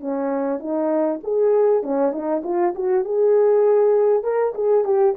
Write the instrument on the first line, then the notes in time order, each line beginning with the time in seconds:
horn
0.00 C#4
0.59 D#4
1.23 G#4
1.83 C#4
2.12 D#4
2.44 F4
2.75 F#4
3.04 G#4
4.23 A#4
4.54 G#4
4.85 G4